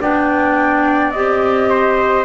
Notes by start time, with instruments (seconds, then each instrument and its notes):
0.00 double bass B3, clarinet D4, trumpet D5, flute G5
1.11 double bass C4, clarinet G4, flute D#5
1.70 trumpet C5